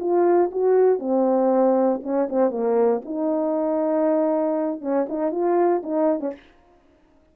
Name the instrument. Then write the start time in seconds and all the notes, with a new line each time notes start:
horn
0.00 F4
0.52 F#4
0.99 C4
2.03 C#4
2.30 C4
2.51 A#3
3.05 D#4
4.81 C#4
5.09 D#4
5.32 F4
5.83 D#4
6.21 C#4